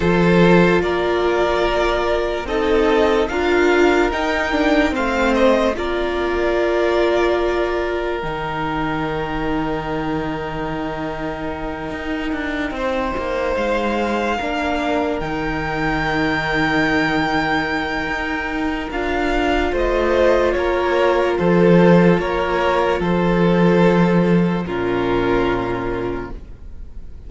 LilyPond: <<
  \new Staff \with { instrumentName = "violin" } { \time 4/4 \tempo 4 = 73 c''4 d''2 dis''4 | f''4 g''4 f''8 dis''8 d''4~ | d''2 g''2~ | g''1~ |
g''8 f''2 g''4.~ | g''2. f''4 | dis''4 cis''4 c''4 cis''4 | c''2 ais'2 | }
  \new Staff \with { instrumentName = "violin" } { \time 4/4 a'4 ais'2 a'4 | ais'2 c''4 ais'4~ | ais'1~ | ais'2.~ ais'8 c''8~ |
c''4. ais'2~ ais'8~ | ais'1 | c''4 ais'4 a'4 ais'4 | a'2 f'2 | }
  \new Staff \with { instrumentName = "viola" } { \time 4/4 f'2. dis'4 | f'4 dis'8 d'8 c'4 f'4~ | f'2 dis'2~ | dis'1~ |
dis'4. d'4 dis'4.~ | dis'2. f'4~ | f'1~ | f'2 cis'2 | }
  \new Staff \with { instrumentName = "cello" } { \time 4/4 f4 ais2 c'4 | d'4 dis'4 a4 ais4~ | ais2 dis2~ | dis2~ dis8 dis'8 d'8 c'8 |
ais8 gis4 ais4 dis4.~ | dis2 dis'4 d'4 | a4 ais4 f4 ais4 | f2 ais,2 | }
>>